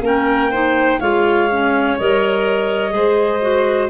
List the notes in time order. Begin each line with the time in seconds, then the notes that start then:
0.00 A#3 C#4 A#4
0.06 G5
0.51 D#4 C5
1.00 G#3 F4 C#5 F5
1.51 C#4
1.97 G3 A#4 D#5
2.90 G#3 G#4 C5
3.41 F#4